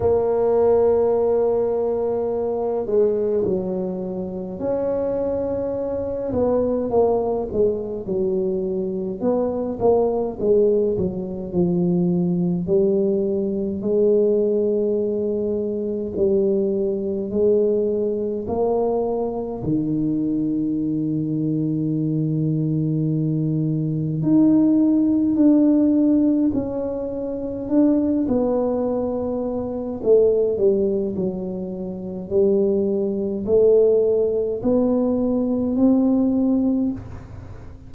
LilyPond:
\new Staff \with { instrumentName = "tuba" } { \time 4/4 \tempo 4 = 52 ais2~ ais8 gis8 fis4 | cis'4. b8 ais8 gis8 fis4 | b8 ais8 gis8 fis8 f4 g4 | gis2 g4 gis4 |
ais4 dis2.~ | dis4 dis'4 d'4 cis'4 | d'8 b4. a8 g8 fis4 | g4 a4 b4 c'4 | }